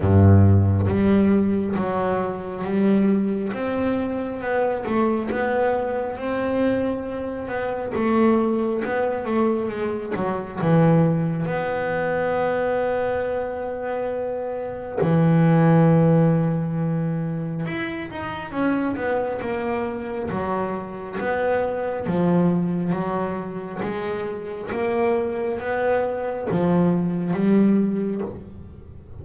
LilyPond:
\new Staff \with { instrumentName = "double bass" } { \time 4/4 \tempo 4 = 68 g,4 g4 fis4 g4 | c'4 b8 a8 b4 c'4~ | c'8 b8 a4 b8 a8 gis8 fis8 | e4 b2.~ |
b4 e2. | e'8 dis'8 cis'8 b8 ais4 fis4 | b4 f4 fis4 gis4 | ais4 b4 f4 g4 | }